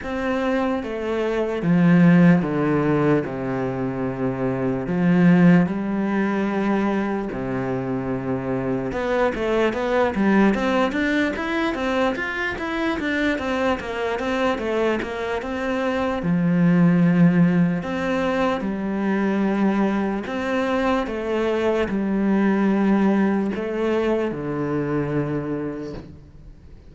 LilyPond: \new Staff \with { instrumentName = "cello" } { \time 4/4 \tempo 4 = 74 c'4 a4 f4 d4 | c2 f4 g4~ | g4 c2 b8 a8 | b8 g8 c'8 d'8 e'8 c'8 f'8 e'8 |
d'8 c'8 ais8 c'8 a8 ais8 c'4 | f2 c'4 g4~ | g4 c'4 a4 g4~ | g4 a4 d2 | }